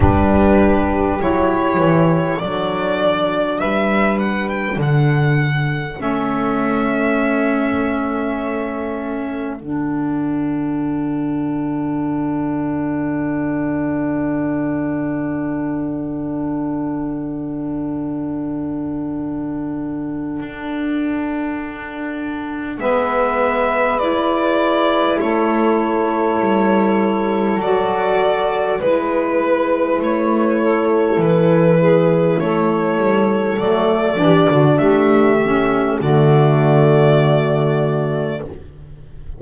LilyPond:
<<
  \new Staff \with { instrumentName = "violin" } { \time 4/4 \tempo 4 = 50 b'4 cis''4 d''4 e''8 fis''16 g''16 | fis''4 e''2. | fis''1~ | fis''1~ |
fis''2. e''4 | d''4 cis''2 d''4 | b'4 cis''4 b'4 cis''4 | d''4 e''4 d''2 | }
  \new Staff \with { instrumentName = "saxophone" } { \time 4/4 g'2 a'4 b'4 | a'1~ | a'1~ | a'1~ |
a'2. b'4~ | b'4 a'2. | b'4. a'4 gis'8 a'4~ | a'8 g'16 fis'16 g'4 fis'2 | }
  \new Staff \with { instrumentName = "saxophone" } { \time 4/4 d'4 e'4 d'2~ | d'4 cis'2. | d'1~ | d'1~ |
d'2. b4 | e'2. fis'4 | e'1 | a8 d'4 cis'8 a2 | }
  \new Staff \with { instrumentName = "double bass" } { \time 4/4 g4 fis8 e8 fis4 g4 | d4 a2. | d1~ | d1~ |
d4 d'2 gis4~ | gis4 a4 g4 fis4 | gis4 a4 e4 a8 g8 | fis8 e16 d16 a4 d2 | }
>>